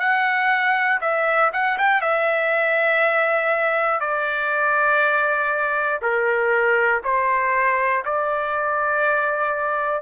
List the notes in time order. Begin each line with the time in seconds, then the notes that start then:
0.00 F#5
1.02 E5
1.53 F#5
1.79 G5
2.02 E5
4.01 D5
6.02 A#4
7.04 C5
8.05 D5